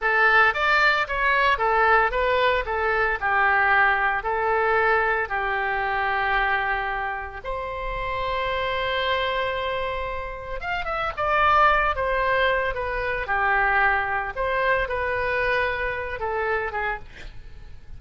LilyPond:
\new Staff \with { instrumentName = "oboe" } { \time 4/4 \tempo 4 = 113 a'4 d''4 cis''4 a'4 | b'4 a'4 g'2 | a'2 g'2~ | g'2 c''2~ |
c''1 | f''8 e''8 d''4. c''4. | b'4 g'2 c''4 | b'2~ b'8 a'4 gis'8 | }